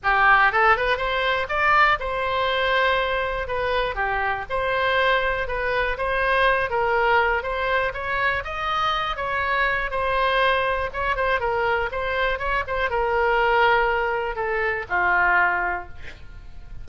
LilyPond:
\new Staff \with { instrumentName = "oboe" } { \time 4/4 \tempo 4 = 121 g'4 a'8 b'8 c''4 d''4 | c''2. b'4 | g'4 c''2 b'4 | c''4. ais'4. c''4 |
cis''4 dis''4. cis''4. | c''2 cis''8 c''8 ais'4 | c''4 cis''8 c''8 ais'2~ | ais'4 a'4 f'2 | }